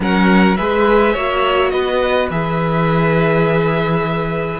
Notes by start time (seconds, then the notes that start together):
0.00 F#3 C#4 A#4 F#5
0.56 G#3 G#4 B4 E5
1.13 A#3 F#4 C#5
1.70 B3 B4 D#5
2.30 E3 G#4 E5